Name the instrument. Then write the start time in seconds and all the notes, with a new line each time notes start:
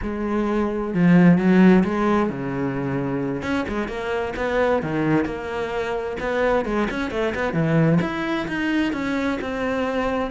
cello
0.02 G#3
0.93 F3
1.38 F#3
1.84 G#3
2.29 C#3
3.42 C#4
3.68 G#3
3.87 A#3
4.36 B3
4.82 D#3
5.25 A#3
6.20 B3
6.65 G#3
6.90 C#4
7.11 A3
7.34 B3
7.53 E3
8.01 E4
8.47 D#4
8.93 C#4
9.41 C4